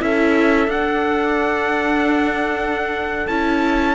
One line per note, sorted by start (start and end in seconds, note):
0.00 0.68 C#4
0.00 0.69 E4
0.00 3.95 A4
0.00 0.70 E5
0.68 3.26 D4
0.68 3.29 D4
0.68 3.27 F#5
3.27 3.95 C#4
3.27 3.95 E4
3.27 3.95 A5